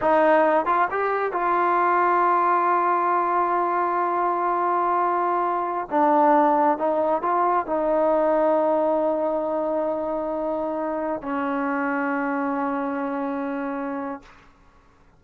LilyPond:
\new Staff \with { instrumentName = "trombone" } { \time 4/4 \tempo 4 = 135 dis'4. f'8 g'4 f'4~ | f'1~ | f'1~ | f'4~ f'16 d'2 dis'8.~ |
dis'16 f'4 dis'2~ dis'8.~ | dis'1~ | dis'4~ dis'16 cis'2~ cis'8.~ | cis'1 | }